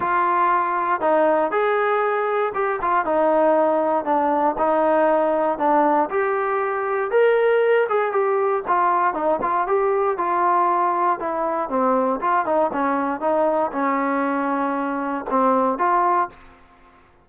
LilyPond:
\new Staff \with { instrumentName = "trombone" } { \time 4/4 \tempo 4 = 118 f'2 dis'4 gis'4~ | gis'4 g'8 f'8 dis'2 | d'4 dis'2 d'4 | g'2 ais'4. gis'8 |
g'4 f'4 dis'8 f'8 g'4 | f'2 e'4 c'4 | f'8 dis'8 cis'4 dis'4 cis'4~ | cis'2 c'4 f'4 | }